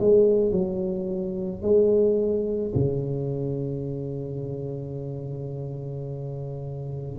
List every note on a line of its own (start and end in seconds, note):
0.00 0.52 G#3
0.52 1.62 F#3
1.62 2.73 G#3
2.75 7.19 C#3